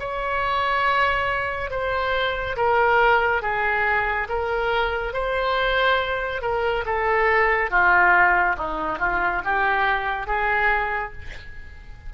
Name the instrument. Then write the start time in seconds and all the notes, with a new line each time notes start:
oboe
0.00 C#5
1.71 C5
2.57 A#4
3.42 G#4
4.29 A#4
5.14 C5
6.42 A#4
6.86 A4
7.71 F4
8.58 D#4
8.99 F4
9.45 G4
10.27 G#4